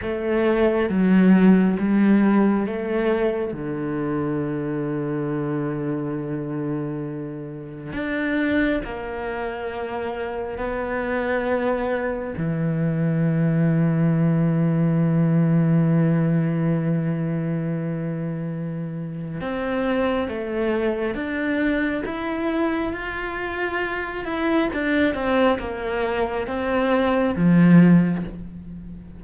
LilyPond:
\new Staff \with { instrumentName = "cello" } { \time 4/4 \tempo 4 = 68 a4 fis4 g4 a4 | d1~ | d4 d'4 ais2 | b2 e2~ |
e1~ | e2 c'4 a4 | d'4 e'4 f'4. e'8 | d'8 c'8 ais4 c'4 f4 | }